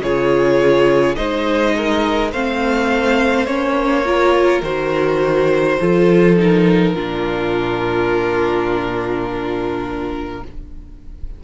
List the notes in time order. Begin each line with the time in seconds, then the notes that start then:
0.00 C#3 F4 G#4 C#5
1.15 G#3 D#4 C5 D#5
1.76 A#4
2.31 A3 C4 C5 F5
3.46 A#3 C#4 C#5
4.05 F4 A#4
4.62 D#3 F#4 C5
5.79 F3 F4 A4
6.36 D#4 A#4
6.94 A#2 D4 F4